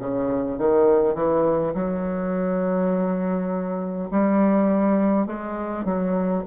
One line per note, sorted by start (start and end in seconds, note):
0.00 0.59 C#3
0.59 1.15 D#3
1.15 1.74 E3
1.75 4.10 F#3
4.11 5.27 G3
5.27 5.85 G#3
5.85 6.44 F#3